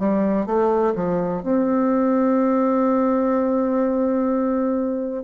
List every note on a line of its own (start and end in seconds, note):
0.00 0.47 G3
0.47 0.94 A3
0.96 1.43 F3
1.43 5.24 C4